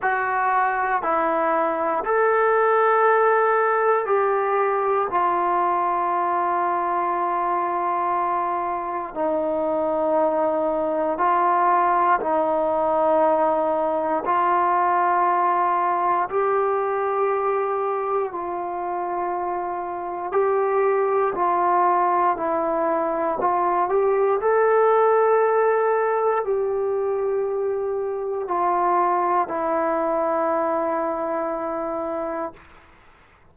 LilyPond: \new Staff \with { instrumentName = "trombone" } { \time 4/4 \tempo 4 = 59 fis'4 e'4 a'2 | g'4 f'2.~ | f'4 dis'2 f'4 | dis'2 f'2 |
g'2 f'2 | g'4 f'4 e'4 f'8 g'8 | a'2 g'2 | f'4 e'2. | }